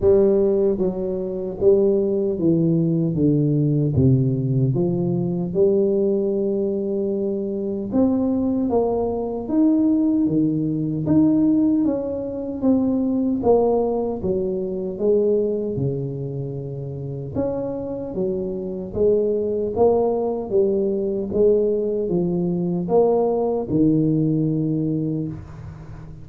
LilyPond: \new Staff \with { instrumentName = "tuba" } { \time 4/4 \tempo 4 = 76 g4 fis4 g4 e4 | d4 c4 f4 g4~ | g2 c'4 ais4 | dis'4 dis4 dis'4 cis'4 |
c'4 ais4 fis4 gis4 | cis2 cis'4 fis4 | gis4 ais4 g4 gis4 | f4 ais4 dis2 | }